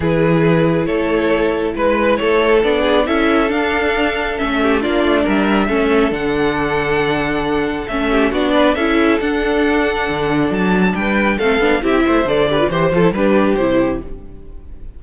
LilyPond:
<<
  \new Staff \with { instrumentName = "violin" } { \time 4/4 \tempo 4 = 137 b'2 cis''2 | b'4 cis''4 d''4 e''4 | f''2 e''4 d''4 | e''2 fis''2~ |
fis''2 e''4 d''4 | e''4 fis''2. | a''4 g''4 f''4 e''4 | d''4 c''8 a'8 b'4 c''4 | }
  \new Staff \with { instrumentName = "violin" } { \time 4/4 gis'2 a'2 | b'4 a'4. gis'8 a'4~ | a'2~ a'8 g'8 f'4 | ais'4 a'2.~ |
a'2~ a'8 g'8 fis'8 b'8 | a'1~ | a'4 b'4 a'4 g'8 c''8~ | c''8 b'8 c''4 g'2 | }
  \new Staff \with { instrumentName = "viola" } { \time 4/4 e'1~ | e'2 d'4 e'4 | d'2 cis'4 d'4~ | d'4 cis'4 d'2~ |
d'2 cis'4 d'4 | e'4 d'2.~ | d'2 c'8 d'8 e'4 | a'8 g'16 f'16 g'8 f'16 e'16 d'4 e'4 | }
  \new Staff \with { instrumentName = "cello" } { \time 4/4 e2 a2 | gis4 a4 b4 cis'4 | d'2 a4 ais8 a8 | g4 a4 d2~ |
d2 a4 b4 | cis'4 d'2 d4 | fis4 g4 a8 b8 c'8 a8 | d4 e8 f8 g4 c4 | }
>>